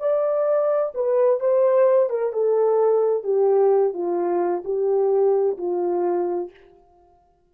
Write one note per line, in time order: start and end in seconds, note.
0.00 0.93 D5
0.95 1.41 B4
1.41 2.10 C5
2.10 2.33 A#4
2.33 3.24 A4
3.24 3.94 G4
3.94 4.64 F4
4.65 5.58 G4
5.58 6.51 F4